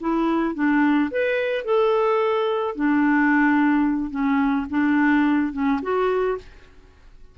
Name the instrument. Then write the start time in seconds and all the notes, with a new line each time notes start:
clarinet
0.00 E4
0.55 D4
1.11 B4
1.64 A4
2.75 D4
4.11 C#4
4.70 D4
5.52 C#4
5.82 F#4